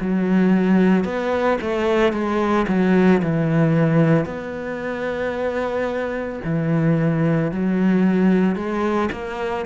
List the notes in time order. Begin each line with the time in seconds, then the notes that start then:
0.00 F#3
1.04 B3
1.61 A3
2.12 G#3
2.68 F#3
3.22 E3
4.25 B3
6.44 E3
7.51 F#3
8.56 G#3
9.12 A#3